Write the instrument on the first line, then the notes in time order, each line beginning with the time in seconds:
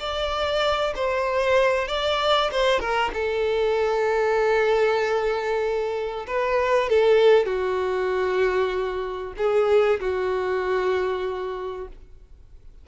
violin
0.00 D5
0.95 C5
1.88 D5
2.52 C5
2.80 A#4
3.14 A4
6.27 B4
6.89 A4
7.46 F#4
9.38 G#4
10.00 F#4